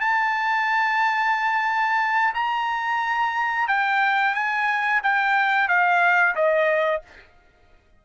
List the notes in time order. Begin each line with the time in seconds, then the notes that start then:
0.00 A5
2.34 A#5
3.68 G5
4.34 G#5
5.03 G5
5.68 F5
6.35 D#5